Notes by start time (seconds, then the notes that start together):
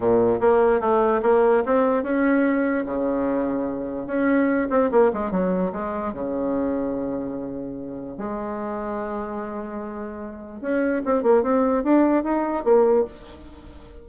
0.00 A#2
0.40 A#3
0.80 A3
1.22 A#3
1.65 C4
2.03 C#4
2.85 C#3
4.06 C#4
4.70 C4
4.91 A#3
5.13 G#3
5.31 F#3
5.72 G#3
6.13 C#3
8.17 G#3
10.61 C#4
11.05 C4
11.22 A#3
11.42 C4
11.83 D4
12.23 D#4
12.64 A#3